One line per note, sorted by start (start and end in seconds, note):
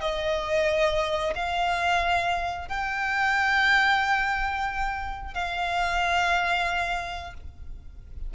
0.00 1.33 D#5
1.35 2.68 F5
2.68 5.34 G5
5.34 7.34 F5